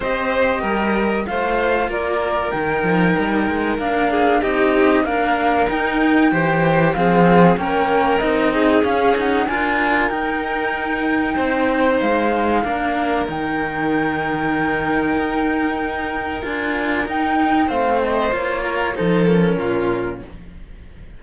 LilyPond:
<<
  \new Staff \with { instrumentName = "flute" } { \time 4/4 \tempo 4 = 95 dis''2 f''4 d''4 | g''2 f''4 dis''4 | f''4 g''2 f''4 | g''4 dis''4 f''8 fis''8 gis''4 |
g''2. f''4~ | f''4 g''2.~ | g''2 gis''4 g''4 | f''8 dis''8 cis''4 c''8 ais'4. | }
  \new Staff \with { instrumentName = "violin" } { \time 4/4 c''4 ais'4 c''4 ais'4~ | ais'2~ ais'8 gis'8 g'4 | ais'2 c''4 gis'4 | ais'4. gis'4. ais'4~ |
ais'2 c''2 | ais'1~ | ais'1 | c''4. ais'8 a'4 f'4 | }
  \new Staff \with { instrumentName = "cello" } { \time 4/4 g'2 f'2 | dis'2 d'4 dis'4 | ais4 dis'4 g'4 c'4 | cis'4 dis'4 cis'8 dis'8 f'4 |
dis'1 | d'4 dis'2.~ | dis'2 f'4 dis'4 | c'4 f'4 dis'8 cis'4. | }
  \new Staff \with { instrumentName = "cello" } { \time 4/4 c'4 g4 a4 ais4 | dis8 f8 g8 gis8 ais4 c'4 | d'4 dis'4 e4 f4 | ais4 c'4 cis'4 d'4 |
dis'2 c'4 gis4 | ais4 dis2. | dis'2 d'4 dis'4 | a4 ais4 f4 ais,4 | }
>>